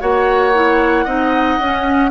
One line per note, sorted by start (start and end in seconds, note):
0.00 1.06 A#3
0.00 0.53 F#4
0.00 1.05 C#5
0.00 2.11 F#5
0.54 1.07 E4
1.05 1.58 C4
1.05 1.59 D#4
1.05 2.10 D#5
1.59 2.11 C#4